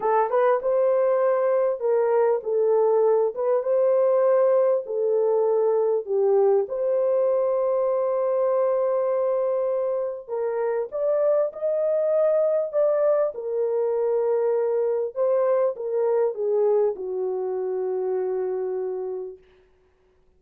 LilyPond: \new Staff \with { instrumentName = "horn" } { \time 4/4 \tempo 4 = 99 a'8 b'8 c''2 ais'4 | a'4. b'8 c''2 | a'2 g'4 c''4~ | c''1~ |
c''4 ais'4 d''4 dis''4~ | dis''4 d''4 ais'2~ | ais'4 c''4 ais'4 gis'4 | fis'1 | }